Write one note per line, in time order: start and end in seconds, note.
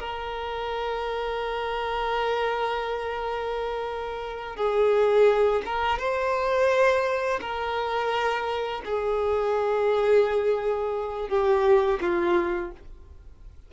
0.00 4.57 A#4
4.57 5.62 G#4
5.66 5.99 A#4
5.99 7.40 C5
7.41 8.82 A#4
8.86 11.29 G#4
11.29 12.00 G4
12.01 12.72 F4